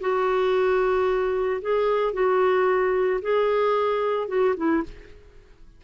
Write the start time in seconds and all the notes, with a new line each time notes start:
0.00 F#4
1.61 G#4
2.13 F#4
3.21 G#4
4.28 F#4
4.56 E4